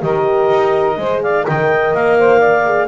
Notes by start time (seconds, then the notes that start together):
0.00 D#3 G4 A#4 D#5
0.50 D#4
0.98 G#3 G#4 C5
1.22 D5 F5
1.44 D#3 A#4 D#5 G5
1.94 A#3 F5
2.18 C5
2.39 D5
2.65 G#4